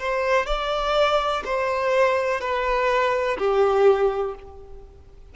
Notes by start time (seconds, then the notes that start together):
0.00 C5
0.47 D5
1.45 C5
2.41 B4
3.38 G4